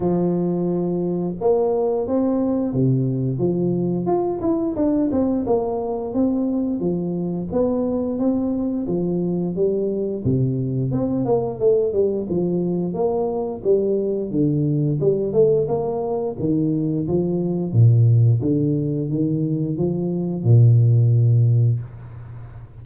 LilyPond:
\new Staff \with { instrumentName = "tuba" } { \time 4/4 \tempo 4 = 88 f2 ais4 c'4 | c4 f4 f'8 e'8 d'8 c'8 | ais4 c'4 f4 b4 | c'4 f4 g4 c4 |
c'8 ais8 a8 g8 f4 ais4 | g4 d4 g8 a8 ais4 | dis4 f4 ais,4 d4 | dis4 f4 ais,2 | }